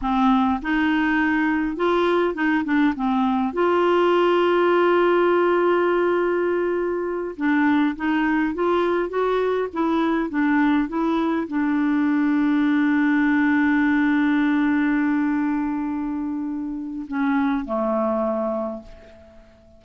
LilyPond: \new Staff \with { instrumentName = "clarinet" } { \time 4/4 \tempo 4 = 102 c'4 dis'2 f'4 | dis'8 d'8 c'4 f'2~ | f'1~ | f'8 d'4 dis'4 f'4 fis'8~ |
fis'8 e'4 d'4 e'4 d'8~ | d'1~ | d'1~ | d'4 cis'4 a2 | }